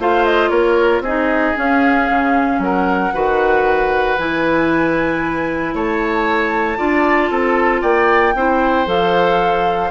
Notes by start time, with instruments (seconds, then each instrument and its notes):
0.00 bassoon A3, clarinet F4, oboe C5, flute F5
0.25 flute D#5
0.49 bassoon A#3, oboe A#4, flute C#5
1.01 bassoon C4, oboe G#4, flute D#5
1.07 clarinet D#4
1.56 clarinet C#4, bassoon C#4, flute F5
2.11 bassoon C#3
2.59 bassoon F#3, oboe A#4, flute F#5
3.13 bassoon D#3, clarinet F#4, oboe B4
4.18 bassoon E3, clarinet E4, flute G#5
5.74 bassoon A3, oboe C#5, flute A5
6.77 bassoon D4, clarinet F4, oboe D5
7.31 bassoon C4, oboe A4
7.82 bassoon A#3, oboe D5, flute G5
8.35 bassoon C4, clarinet E4, oboe C5
8.87 bassoon F3, clarinet A4, flute F5